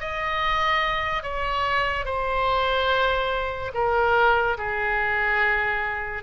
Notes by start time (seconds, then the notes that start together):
0.00 D#5
1.23 C#5
2.05 C5
3.74 A#4
4.58 G#4